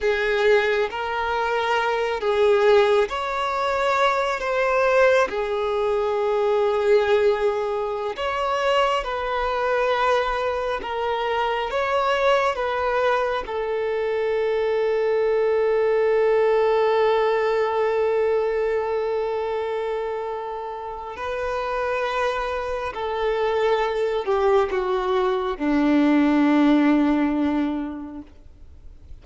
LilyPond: \new Staff \with { instrumentName = "violin" } { \time 4/4 \tempo 4 = 68 gis'4 ais'4. gis'4 cis''8~ | cis''4 c''4 gis'2~ | gis'4~ gis'16 cis''4 b'4.~ b'16~ | b'16 ais'4 cis''4 b'4 a'8.~ |
a'1~ | a'1 | b'2 a'4. g'8 | fis'4 d'2. | }